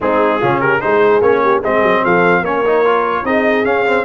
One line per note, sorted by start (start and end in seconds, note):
0.00 0.41 G#3
0.00 0.41 C4
0.00 0.40 D#4
0.00 0.60 G#4
0.40 0.83 C#3
0.40 0.80 C#4
0.40 0.60 F4
0.60 0.80 G4
0.60 0.80 A#4
0.80 1.21 G#3
0.80 1.21 D#4
0.80 1.42 G#4
0.80 1.21 C5
1.21 1.61 A#3
1.21 1.62 C#4
1.21 1.62 C#5
1.42 1.60 G4
1.60 1.82 G#3
1.60 2.44 C4
1.60 2.01 G#4
1.60 2.04 D#5
1.82 2.03 F#3
2.02 2.40 F3
2.02 2.41 A4
2.02 2.44 F5
2.40 3.21 A#3
2.40 2.64 C#4
2.40 3.22 A#4
2.40 3.25 C#5
2.65 2.84 D#4
2.84 3.24 F4
3.23 3.64 C4
3.23 3.65 D#4
3.23 4.04 G#4
3.23 3.65 D#5
3.64 4.04 C#4
3.64 3.85 C#4
3.64 4.04 F5
3.85 4.04 C4